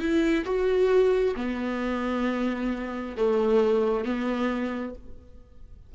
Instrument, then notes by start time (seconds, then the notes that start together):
viola
0.00 E4
0.45 F#4
1.36 B3
3.17 A3
4.05 B3